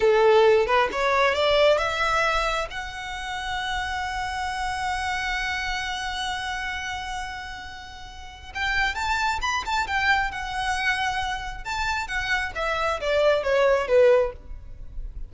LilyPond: \new Staff \with { instrumentName = "violin" } { \time 4/4 \tempo 4 = 134 a'4. b'8 cis''4 d''4 | e''2 fis''2~ | fis''1~ | fis''1~ |
fis''2. g''4 | a''4 b''8 a''8 g''4 fis''4~ | fis''2 a''4 fis''4 | e''4 d''4 cis''4 b'4 | }